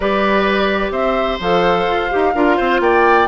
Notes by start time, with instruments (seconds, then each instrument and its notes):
0.00 bassoon G3, clarinet G4, oboe B4, flute D5
0.91 bassoon C4, oboe C5, flute E5
1.39 bassoon F3, clarinet A4, flute F5
1.87 bassoon F4
2.10 bassoon D#4, clarinet G4
2.34 bassoon D4, clarinet F4, oboe A#4
2.57 bassoon C4, oboe C5
2.80 bassoon A#3, oboe D5, flute G5